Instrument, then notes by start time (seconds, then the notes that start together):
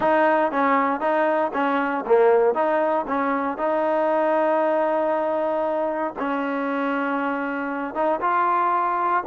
trombone
0.00 D#4
0.51 C#4
1.00 D#4
1.53 C#4
2.06 A#3
2.54 D#4
3.07 C#4
3.57 D#4
6.18 C#4
7.94 D#4
8.21 F4